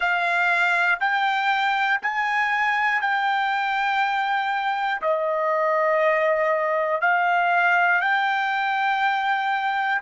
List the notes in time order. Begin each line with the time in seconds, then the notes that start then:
0.00 F5
1.00 G5
2.02 G#5
3.00 G5
5.01 D#5
7.01 F5
8.00 G5